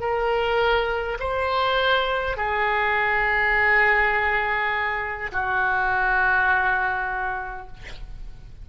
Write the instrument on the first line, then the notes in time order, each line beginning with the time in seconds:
oboe
0.00 A#4
1.19 C5
2.37 G#4
5.32 F#4